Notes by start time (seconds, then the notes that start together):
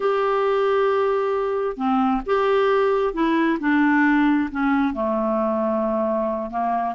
0.00 G4
1.76 C4
2.26 G4
3.13 E4
3.60 D4
4.51 C#4
4.93 A3
6.50 A#3